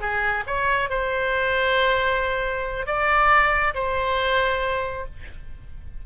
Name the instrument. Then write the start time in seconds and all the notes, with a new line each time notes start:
oboe
0.00 G#4
0.46 C#5
0.90 C5
2.86 D5
3.74 C5